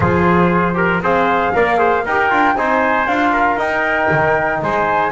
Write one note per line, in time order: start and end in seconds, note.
0.00 1.00 F3
0.00 0.74 F4
0.00 0.76 G#4
0.00 1.02 C5
0.74 0.99 G4
0.74 1.02 A#4
1.00 1.51 C4
1.00 1.54 G#4
1.00 1.54 C5
1.00 2.06 F5
1.54 2.06 A#3
1.54 1.78 A#4
1.54 1.78 D5
1.78 2.03 G#4
1.78 2.04 C5
2.05 2.32 D#4
2.05 2.30 G4
2.05 2.56 A#4
2.05 2.56 G5
2.30 2.55 D4
2.30 2.55 F4
2.55 3.06 C4
2.55 3.08 D#4
2.55 3.32 C5
2.55 3.07 G#5
3.06 3.57 D4
3.06 3.58 F4
3.06 3.58 F5
3.32 4.60 A#4
3.57 4.08 D#4
3.57 5.12 D#4
3.57 4.62 G5
4.10 4.62 D#3
4.62 5.12 G#3
4.62 5.12 C5
4.62 5.12 G#5